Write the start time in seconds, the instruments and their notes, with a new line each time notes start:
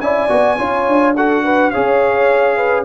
0.00 tuba C#4, trombone E4, horn D5, trumpet G#5
0.28 tuba B3, trombone F#4
0.57 tuba C#4, trombone F4, horn C#5
0.87 tuba D4
1.16 trombone F#4, horn A4, trumpet F#5
1.43 horn B4
1.70 tuba C#4, trombone G#4, horn C#5, trumpet F5
2.56 horn B4